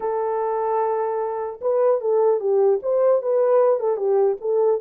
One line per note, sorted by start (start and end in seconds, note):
0.00 1.60 A4
1.61 2.00 B4
2.00 2.40 A4
2.40 2.80 G4
2.82 3.22 C5
3.22 3.79 B4
3.79 3.96 A4
3.96 4.36 G4
4.40 4.80 A4